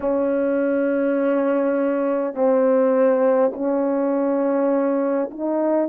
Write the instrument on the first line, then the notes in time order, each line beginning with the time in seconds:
horn
0.00 C#4
2.34 C4
3.53 C#4
5.30 D#4